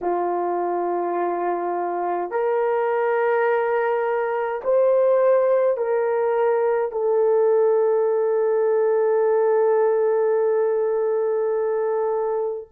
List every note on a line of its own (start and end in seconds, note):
0.01 2.31 F4
2.31 4.62 A#4
4.64 5.77 C5
5.77 6.91 A#4
6.91 12.68 A4